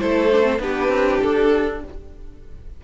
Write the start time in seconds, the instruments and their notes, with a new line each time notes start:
0.00 cello A3, viola E4, violin A4 C5
0.33 viola D4
0.43 viola C4
0.59 cello B3, viola D4, violin G4 B4
0.89 cello C4
1.21 cello D4, violin A4